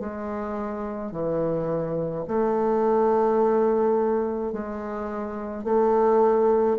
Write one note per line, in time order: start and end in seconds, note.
0.00 1.12 G#3
1.12 2.25 E3
2.28 4.53 A3
4.53 5.64 G#3
5.64 6.77 A3